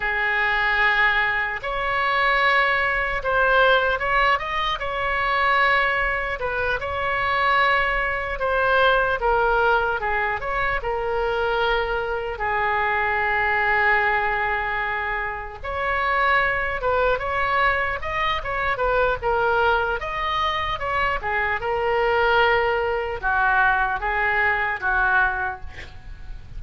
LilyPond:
\new Staff \with { instrumentName = "oboe" } { \time 4/4 \tempo 4 = 75 gis'2 cis''2 | c''4 cis''8 dis''8 cis''2 | b'8 cis''2 c''4 ais'8~ | ais'8 gis'8 cis''8 ais'2 gis'8~ |
gis'2.~ gis'8 cis''8~ | cis''4 b'8 cis''4 dis''8 cis''8 b'8 | ais'4 dis''4 cis''8 gis'8 ais'4~ | ais'4 fis'4 gis'4 fis'4 | }